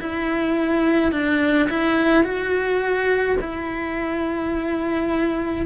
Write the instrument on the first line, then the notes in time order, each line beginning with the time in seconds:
cello
0.00 E4
1.12 D4
1.69 E4
2.24 F#4
3.41 E4